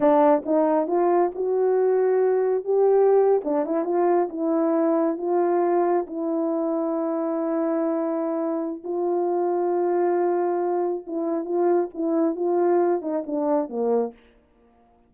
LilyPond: \new Staff \with { instrumentName = "horn" } { \time 4/4 \tempo 4 = 136 d'4 dis'4 f'4 fis'4~ | fis'2 g'4.~ g'16 d'16~ | d'16 e'8 f'4 e'2 f'16~ | f'4.~ f'16 e'2~ e'16~ |
e'1 | f'1~ | f'4 e'4 f'4 e'4 | f'4. dis'8 d'4 ais4 | }